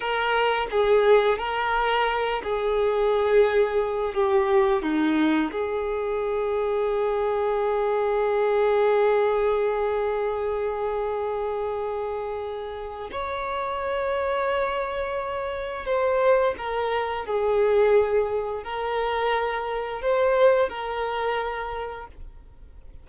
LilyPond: \new Staff \with { instrumentName = "violin" } { \time 4/4 \tempo 4 = 87 ais'4 gis'4 ais'4. gis'8~ | gis'2 g'4 dis'4 | gis'1~ | gis'1~ |
gis'2. cis''4~ | cis''2. c''4 | ais'4 gis'2 ais'4~ | ais'4 c''4 ais'2 | }